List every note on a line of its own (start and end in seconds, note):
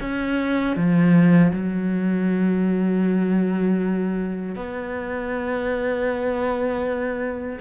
0.00 0.76 C#4
0.76 1.52 F3
1.53 4.55 F#3
4.55 7.59 B3